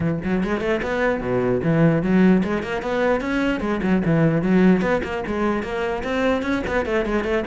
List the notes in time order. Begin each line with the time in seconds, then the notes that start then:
0.00 E3
0.23 F#3
0.43 G#3
0.60 A3
0.82 B3
1.20 B2
1.63 E3
2.02 F#3
2.43 G#3
2.62 A#3
2.82 B3
3.20 C#4
3.60 G#3
3.83 F#3
4.05 E3
4.42 F#3
4.81 B3
5.03 A#3
5.27 G#3
5.62 A#3
6.03 C4
6.42 C#4
6.67 B3
6.85 A3
7.05 G#3
7.24 A3